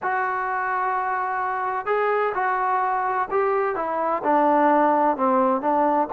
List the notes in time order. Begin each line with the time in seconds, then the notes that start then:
0.02 F#4
1.86 G#4
2.34 F#4
3.30 G4
3.75 E4
4.23 D4
5.16 C4
5.61 D4